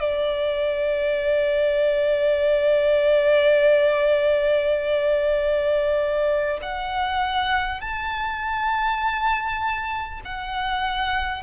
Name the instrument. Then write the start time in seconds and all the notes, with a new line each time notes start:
violin
0.00 D5
6.63 F#5
7.81 A5
10.25 F#5